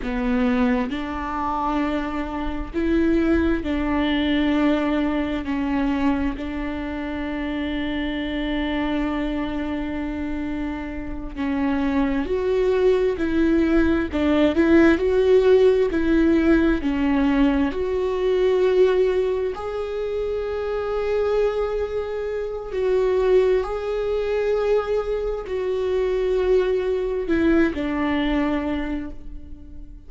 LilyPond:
\new Staff \with { instrumentName = "viola" } { \time 4/4 \tempo 4 = 66 b4 d'2 e'4 | d'2 cis'4 d'4~ | d'1~ | d'8 cis'4 fis'4 e'4 d'8 |
e'8 fis'4 e'4 cis'4 fis'8~ | fis'4. gis'2~ gis'8~ | gis'4 fis'4 gis'2 | fis'2 e'8 d'4. | }